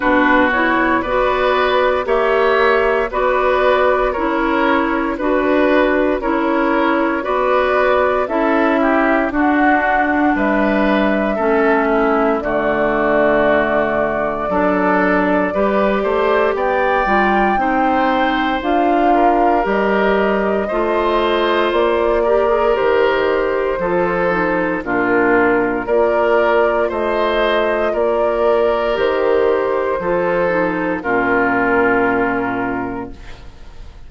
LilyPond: <<
  \new Staff \with { instrumentName = "flute" } { \time 4/4 \tempo 4 = 58 b'8 cis''8 d''4 e''4 d''4 | cis''4 b'4 cis''4 d''4 | e''4 fis''4 e''2 | d''1 |
g''2 f''4 dis''4~ | dis''4 d''4 c''2 | ais'4 d''4 dis''4 d''4 | c''2 ais'2 | }
  \new Staff \with { instrumentName = "oboe" } { \time 4/4 fis'4 b'4 cis''4 b'4 | ais'4 b'4 ais'4 b'4 | a'8 g'8 fis'4 b'4 a'8 e'8 | fis'2 a'4 b'8 c''8 |
d''4 c''4. ais'4. | c''4. ais'4. a'4 | f'4 ais'4 c''4 ais'4~ | ais'4 a'4 f'2 | }
  \new Staff \with { instrumentName = "clarinet" } { \time 4/4 d'8 e'8 fis'4 g'4 fis'4 | e'4 fis'4 e'4 fis'4 | e'4 d'2 cis'4 | a2 d'4 g'4~ |
g'8 f'8 dis'4 f'4 g'4 | f'4. g'16 gis'16 g'4 f'8 dis'8 | d'4 f'2. | g'4 f'8 dis'8 cis'2 | }
  \new Staff \with { instrumentName = "bassoon" } { \time 4/4 b,4 b4 ais4 b4 | cis'4 d'4 cis'4 b4 | cis'4 d'4 g4 a4 | d2 fis4 g8 a8 |
b8 g8 c'4 d'4 g4 | a4 ais4 dis4 f4 | ais,4 ais4 a4 ais4 | dis4 f4 ais,2 | }
>>